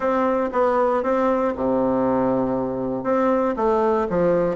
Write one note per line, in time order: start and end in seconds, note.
0.00 0.50 C4
0.52 1.03 B3
1.03 1.54 C4
1.55 3.03 C3
3.03 3.54 C4
3.56 4.07 A3
4.09 4.56 F3